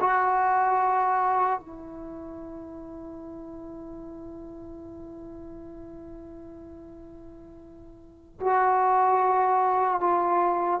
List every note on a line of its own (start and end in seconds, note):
0.00 1.59 F#4
1.59 8.39 E4
8.40 10.00 F#4
10.00 10.80 F4